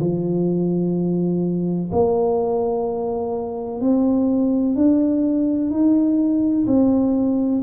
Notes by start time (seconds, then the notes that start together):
0.00 F3
1.92 A#3
3.81 C4
4.75 D4
5.70 D#4
6.67 C4